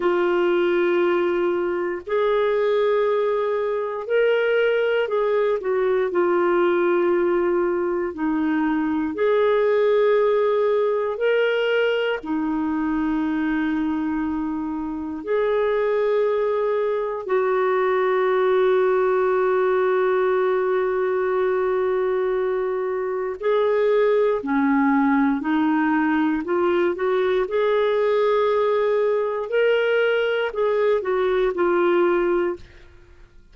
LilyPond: \new Staff \with { instrumentName = "clarinet" } { \time 4/4 \tempo 4 = 59 f'2 gis'2 | ais'4 gis'8 fis'8 f'2 | dis'4 gis'2 ais'4 | dis'2. gis'4~ |
gis'4 fis'2.~ | fis'2. gis'4 | cis'4 dis'4 f'8 fis'8 gis'4~ | gis'4 ais'4 gis'8 fis'8 f'4 | }